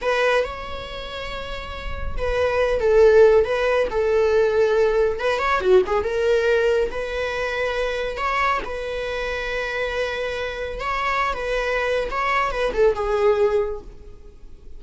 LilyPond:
\new Staff \with { instrumentName = "viola" } { \time 4/4 \tempo 4 = 139 b'4 cis''2.~ | cis''4 b'4. a'4. | b'4 a'2. | b'8 cis''8 fis'8 gis'8 ais'2 |
b'2. cis''4 | b'1~ | b'4 cis''4~ cis''16 b'4.~ b'16 | cis''4 b'8 a'8 gis'2 | }